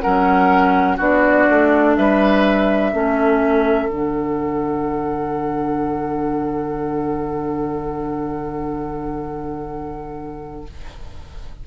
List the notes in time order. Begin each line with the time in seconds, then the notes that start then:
0.00 F#3 C#4 A#4 F#5
0.96 B3 D4 F#4 D5
1.48 A3
1.95 G3 B4 E5
2.92 A3 C#4 A4
3.87 D3 D4 F#5